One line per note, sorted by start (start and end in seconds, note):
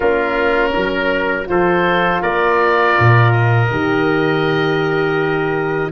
0.00 0.74 A#3
0.00 1.45 C#4
0.00 0.71 F4
0.00 1.48 A#4
0.73 1.48 F#3
0.73 1.47 A#4
1.45 2.22 F3
1.45 3.67 F4
1.45 2.21 A4
1.45 2.21 C5
2.21 2.97 A#3
2.21 5.92 A#4
2.21 3.32 D5
2.99 3.71 A#2
3.32 5.91 D#5
3.71 5.92 D#3
3.71 5.92 G4